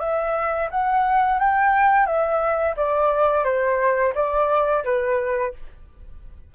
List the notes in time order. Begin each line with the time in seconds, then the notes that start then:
0.00 E5
0.71 F#5
1.39 G5
2.06 E5
2.77 D5
3.45 C5
4.15 D5
4.84 B4